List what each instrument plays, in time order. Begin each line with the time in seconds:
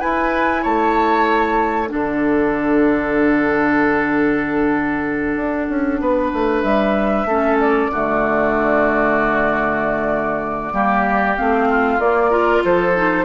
0.00 clarinet E4, bassoon E4, oboe B4, flute G#5
0.63 bassoon A3, oboe C#5, flute A5
1.89 bassoon D3, clarinet D4, oboe A4, flute F#5
5.36 bassoon D4
5.69 bassoon C#4
6.00 bassoon B3, oboe B4
6.34 bassoon A3
6.62 bassoon G3, flute E5
7.25 bassoon A3, clarinet C#4, oboe A4
7.61 flute D5
7.91 bassoon D3, clarinet A3, oboe F#4
10.73 bassoon G3, clarinet A#3, oboe G4
11.37 bassoon A3, clarinet C4, flute F5
11.70 oboe F4
11.99 bassoon A#3, clarinet A#3, flute D5
12.31 clarinet F4, oboe A#4
12.65 bassoon F3, oboe A4, flute C5
12.96 clarinet D#4